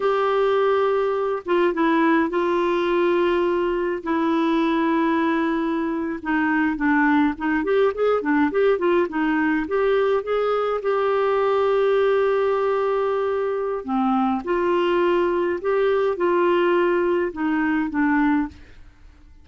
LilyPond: \new Staff \with { instrumentName = "clarinet" } { \time 4/4 \tempo 4 = 104 g'2~ g'8 f'8 e'4 | f'2. e'4~ | e'2~ e'8. dis'4 d'16~ | d'8. dis'8 g'8 gis'8 d'8 g'8 f'8 dis'16~ |
dis'8. g'4 gis'4 g'4~ g'16~ | g'1 | c'4 f'2 g'4 | f'2 dis'4 d'4 | }